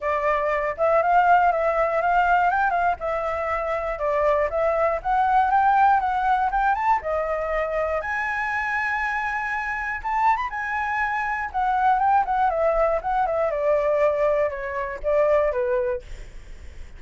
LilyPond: \new Staff \with { instrumentName = "flute" } { \time 4/4 \tempo 4 = 120 d''4. e''8 f''4 e''4 | f''4 g''8 f''8 e''2 | d''4 e''4 fis''4 g''4 | fis''4 g''8 a''8 dis''2 |
gis''1 | a''8. b''16 gis''2 fis''4 | g''8 fis''8 e''4 fis''8 e''8 d''4~ | d''4 cis''4 d''4 b'4 | }